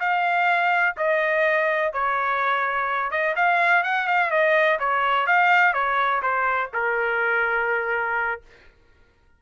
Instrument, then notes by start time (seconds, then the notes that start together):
trumpet
0.00 F5
0.97 D#5
1.93 C#5
3.11 D#5
3.36 F5
3.84 F#5
4.08 F5
4.31 D#5
4.80 C#5
5.27 F5
5.74 C#5
6.22 C5
6.74 A#4